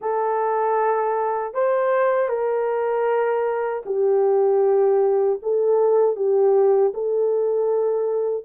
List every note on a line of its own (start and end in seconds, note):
0.01 1.54 A4
1.54 2.29 C5
2.29 3.83 A#4
3.85 5.39 G4
5.42 6.15 A4
6.15 6.92 G4
6.94 8.44 A4